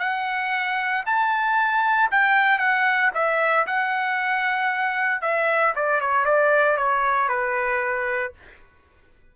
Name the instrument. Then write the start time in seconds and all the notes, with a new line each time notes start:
trumpet
0.00 F#5
1.06 A5
2.12 G5
2.59 F#5
3.15 E5
3.67 F#5
5.22 E5
5.76 D5
6.01 C#5
6.25 D5
6.78 C#5
7.29 B4